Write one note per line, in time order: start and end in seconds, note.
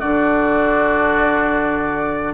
0.00 2.34 D3
0.00 2.34 D4
0.00 2.34 F#4
0.00 2.34 D5